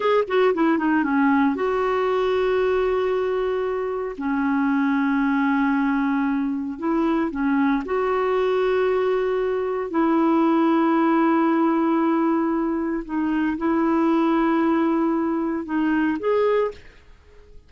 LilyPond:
\new Staff \with { instrumentName = "clarinet" } { \time 4/4 \tempo 4 = 115 gis'8 fis'8 e'8 dis'8 cis'4 fis'4~ | fis'1 | cis'1~ | cis'4 e'4 cis'4 fis'4~ |
fis'2. e'4~ | e'1~ | e'4 dis'4 e'2~ | e'2 dis'4 gis'4 | }